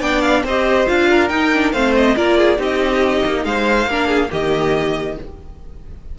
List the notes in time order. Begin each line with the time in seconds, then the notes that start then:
0.00 B3 D4 D5 G5
0.22 F5
0.44 C4 G4 C5 D#5
0.87 D4 F4 F5
1.10 A#4
1.29 D#4 G5
1.54 D4
1.72 A3 C4 C5 F5
1.95 D#5
2.16 A#3 F4 A#4 D5
2.38 G#4
2.57 C4 D#4 G4 D#5
3.25 A#3
3.45 G#3 C5 F5
3.86 A#3 D4 A#4
4.07 G#4
4.29 D#3 A#3 G4 D#5